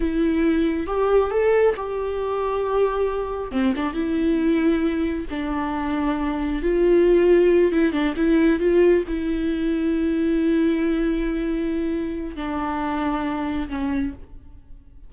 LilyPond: \new Staff \with { instrumentName = "viola" } { \time 4/4 \tempo 4 = 136 e'2 g'4 a'4 | g'1 | c'8 d'8 e'2. | d'2. f'4~ |
f'4. e'8 d'8 e'4 f'8~ | f'8 e'2.~ e'8~ | e'1 | d'2. cis'4 | }